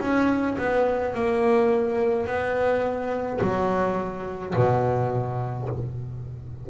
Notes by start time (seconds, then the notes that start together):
0.00 C#4
0.58 B3
1.14 A#3
2.26 B3
3.41 F#3
4.55 B2